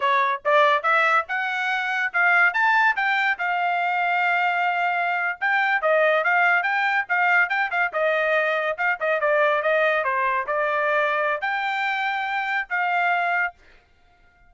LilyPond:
\new Staff \with { instrumentName = "trumpet" } { \time 4/4 \tempo 4 = 142 cis''4 d''4 e''4 fis''4~ | fis''4 f''4 a''4 g''4 | f''1~ | f''8. g''4 dis''4 f''4 g''16~ |
g''8. f''4 g''8 f''8 dis''4~ dis''16~ | dis''8. f''8 dis''8 d''4 dis''4 c''16~ | c''8. d''2~ d''16 g''4~ | g''2 f''2 | }